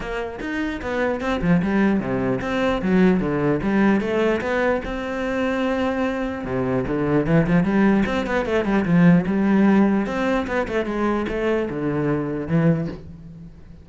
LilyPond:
\new Staff \with { instrumentName = "cello" } { \time 4/4 \tempo 4 = 149 ais4 dis'4 b4 c'8 f8 | g4 c4 c'4 fis4 | d4 g4 a4 b4 | c'1 |
c4 d4 e8 f8 g4 | c'8 b8 a8 g8 f4 g4~ | g4 c'4 b8 a8 gis4 | a4 d2 e4 | }